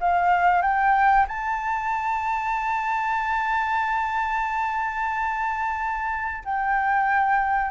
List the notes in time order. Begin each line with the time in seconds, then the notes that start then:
0.00 F5
0.62 G5
1.28 A5
6.44 G5